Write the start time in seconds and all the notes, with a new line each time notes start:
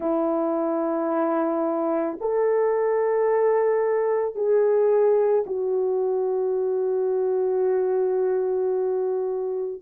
0.00 E4
2.20 A4
4.35 G#4
5.46 F#4